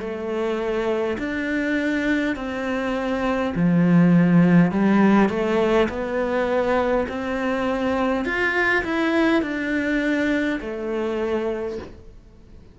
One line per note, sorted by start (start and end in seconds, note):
0.00 1.18 A3
1.18 2.36 D4
2.36 3.53 C4
3.55 4.71 F3
4.71 5.29 G3
5.29 5.88 A3
5.89 7.07 B3
7.09 8.25 C4
8.25 8.84 F4
8.84 9.42 E4
9.42 10.60 D4
10.60 11.78 A3